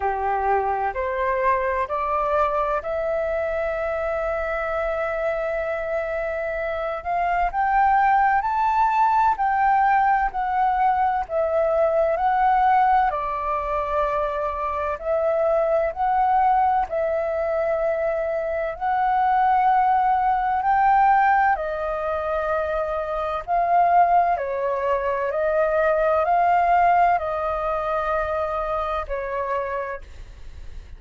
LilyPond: \new Staff \with { instrumentName = "flute" } { \time 4/4 \tempo 4 = 64 g'4 c''4 d''4 e''4~ | e''2.~ e''8 f''8 | g''4 a''4 g''4 fis''4 | e''4 fis''4 d''2 |
e''4 fis''4 e''2 | fis''2 g''4 dis''4~ | dis''4 f''4 cis''4 dis''4 | f''4 dis''2 cis''4 | }